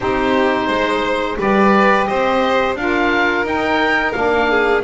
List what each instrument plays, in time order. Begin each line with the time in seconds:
0.00 double bass C4, saxophone D#4, violin G4, oboe C5
0.66 double bass G#3, violin C5
1.38 double bass G3, saxophone G4, violin B4, oboe D5
2.06 double bass C4, violin C5, oboe D#5
2.75 double bass D4, saxophone F4, violin A#4, oboe F5
3.44 double bass D#4, saxophone D#4, oboe G5
4.12 double bass A#3, saxophone D4, oboe F5
4.50 violin G#4